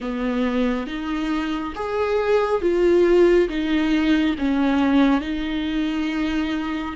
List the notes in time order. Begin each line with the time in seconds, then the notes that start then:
0.00 B3
0.86 D#4
1.75 G#4
2.61 F4
3.48 D#4
4.38 C#4
5.21 D#4